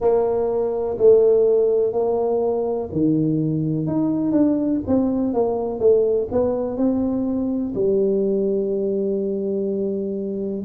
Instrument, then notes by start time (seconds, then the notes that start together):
tuba
0.00 A#3
0.97 A3
1.92 A#3
2.92 D#3
3.86 D#4
4.31 D4
4.87 C4
5.33 A#3
5.79 A3
6.31 B3
6.77 C4
7.74 G3